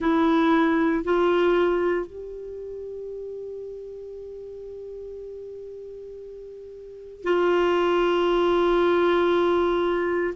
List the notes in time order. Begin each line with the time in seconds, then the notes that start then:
0.00 E4
1.03 F4
2.06 G4
7.23 F4